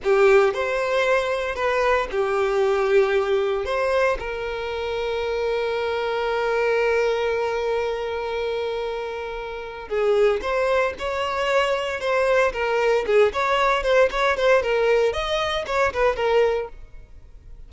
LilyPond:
\new Staff \with { instrumentName = "violin" } { \time 4/4 \tempo 4 = 115 g'4 c''2 b'4 | g'2. c''4 | ais'1~ | ais'1~ |
ais'2. gis'4 | c''4 cis''2 c''4 | ais'4 gis'8 cis''4 c''8 cis''8 c''8 | ais'4 dis''4 cis''8 b'8 ais'4 | }